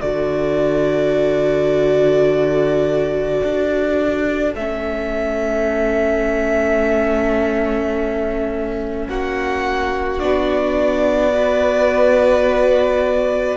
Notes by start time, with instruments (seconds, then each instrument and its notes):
0.00 cello D3, viola F#4, violin A4 D5
3.43 cello D4
4.54 cello A3, viola C#4, violin E5
9.08 cello A#3, violin F#4 F#5
10.18 cello B3, viola D4, violin D5
11.32 viola F#4, violin B4